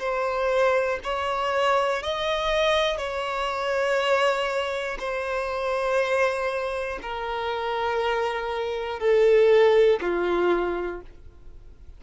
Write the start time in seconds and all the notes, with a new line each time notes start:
0.00 C5
1.04 C#5
2.04 D#5
2.98 C#5
5.00 C5
7.02 A#4
9.00 A4
10.02 F4